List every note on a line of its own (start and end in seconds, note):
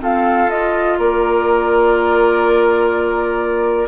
0.00 0.48 C4
0.00 0.98 F4
0.00 0.98 A4
0.00 0.49 F5
0.49 3.88 F4
0.49 0.98 D#5
0.98 3.88 A#3
0.98 3.88 A#4
0.98 3.88 D5